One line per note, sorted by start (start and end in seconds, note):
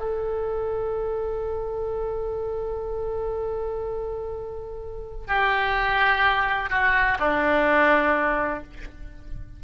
0.00 5.28 A4
5.28 6.70 G4
6.70 7.18 F#4
7.20 8.64 D4